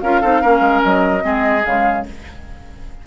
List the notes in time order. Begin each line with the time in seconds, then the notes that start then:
0.00 C#4 F4 A#4 F5
0.21 C4 D#4 A4
0.41 A#3 C#4 A#4
0.60 G#3
0.84 F#3 D#5
1.21 G#3 C4 G#4
1.65 C#3 G#3 F5